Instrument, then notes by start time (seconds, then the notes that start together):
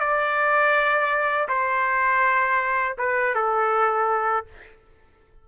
trumpet
0.00 D5
1.48 C5
2.98 B4
3.35 A4